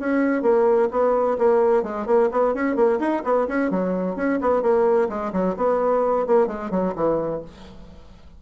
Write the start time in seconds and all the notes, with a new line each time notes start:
0.00 C#4
0.42 A#3
0.91 B3
1.38 A#3
1.83 G#3
2.07 A#3
2.32 B3
2.55 C#4
2.76 A#3
3.00 D#4
3.24 B3
3.48 C#4
3.71 F#3
4.16 C#4
4.41 B3
4.62 A#3
5.09 G#3
5.33 F#3
5.57 B3
6.27 A#3
6.48 G#3
6.71 F#3
6.96 E3